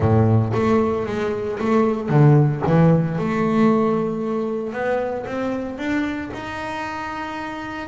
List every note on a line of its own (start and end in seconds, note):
0.00 0.52 A2
0.53 1.06 A3
1.06 1.58 G#3
1.59 2.09 A3
2.09 2.62 D3
2.66 3.18 E3
3.18 4.72 A3
4.72 5.25 B3
5.26 5.78 C4
5.78 6.30 D4
6.33 7.88 D#4